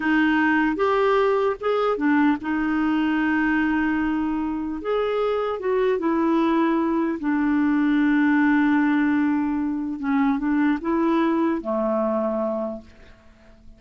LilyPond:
\new Staff \with { instrumentName = "clarinet" } { \time 4/4 \tempo 4 = 150 dis'2 g'2 | gis'4 d'4 dis'2~ | dis'1 | gis'2 fis'4 e'4~ |
e'2 d'2~ | d'1~ | d'4 cis'4 d'4 e'4~ | e'4 a2. | }